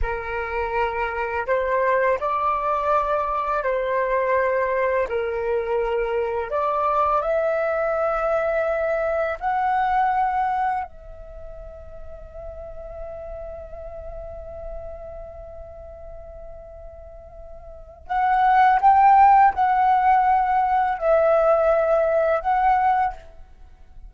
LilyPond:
\new Staff \with { instrumentName = "flute" } { \time 4/4 \tempo 4 = 83 ais'2 c''4 d''4~ | d''4 c''2 ais'4~ | ais'4 d''4 e''2~ | e''4 fis''2 e''4~ |
e''1~ | e''1~ | e''4 fis''4 g''4 fis''4~ | fis''4 e''2 fis''4 | }